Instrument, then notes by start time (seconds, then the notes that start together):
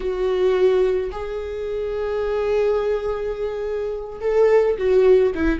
viola
0.00 F#4
1.11 G#4
4.21 A4
4.77 F#4
5.34 E4